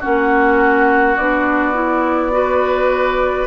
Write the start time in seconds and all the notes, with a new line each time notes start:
0.00 A#3 C#4 F#4 F#5
1.17 B3 D4 D5
1.74 E4
2.31 F#4 B4